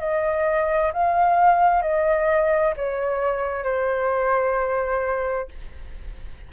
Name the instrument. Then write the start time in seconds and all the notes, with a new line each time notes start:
flute
0.00 D#5
0.93 F5
1.82 D#5
2.77 C#5
3.64 C5